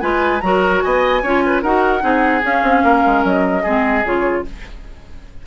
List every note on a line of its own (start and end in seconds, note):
0.00 0.41 G#3
0.00 0.41 F4
0.00 0.42 B4
0.00 0.40 G#5
0.40 0.82 F#3
0.40 1.22 F#4
0.40 0.84 A#4
0.40 0.80 A#5
0.81 1.22 B3
0.81 1.22 D#5
0.81 1.61 G#5
1.22 1.62 C#4
1.22 1.64 F4
1.22 1.42 C#5
1.46 1.62 B4
1.62 2.02 D#4
1.62 2.00 F#4
1.62 2.02 A#4
1.62 2.43 F#5
2.00 2.43 C4
2.00 2.40 D#4
2.00 2.83 G#4
2.44 3.65 C#4
2.44 2.62 C#4
2.44 3.25 F5
2.62 2.82 C4
2.83 3.03 A#3
2.83 3.62 A#4
3.06 3.24 G#3
3.24 3.64 F#3
3.24 4.05 D#5
3.62 4.04 G#3
3.62 4.05 C4
3.62 4.43 G#4
4.04 4.44 C#3
4.04 4.45 F4
4.04 4.46 C#5